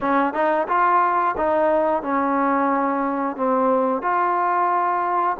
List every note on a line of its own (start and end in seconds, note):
0.00 0.33 C#4
0.33 0.67 D#4
0.67 1.35 F4
1.37 2.02 D#4
2.02 3.36 C#4
3.36 4.01 C4
4.01 5.36 F4